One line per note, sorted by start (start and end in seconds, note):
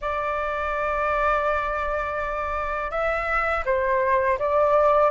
0.01 2.91 D5
2.91 3.64 E5
3.65 4.38 C5
4.38 5.10 D5